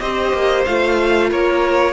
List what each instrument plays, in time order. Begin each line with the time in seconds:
0.00 cello C4, viola G4, violin C5 D#5
0.33 cello A#3
0.65 cello A3, viola F4, violin F5
1.30 cello A#3, violin A#4 C#5